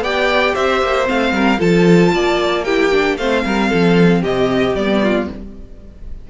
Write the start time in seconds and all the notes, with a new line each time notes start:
0.00 B3 G4 D5 G5
0.54 C4 C5 E5
0.82 A#3
1.05 A3 C4 F5
1.31 G3 A#4
1.58 F3 F4 A4 A5
2.13 A#3 D5
2.64 E4 G4 G5
2.91 D4
3.17 A3 C4 C5 F5
3.45 G3 A#4
3.69 F3 A4
4.22 C3 G4 D#5
4.75 G3 B3 D5
5.03 F4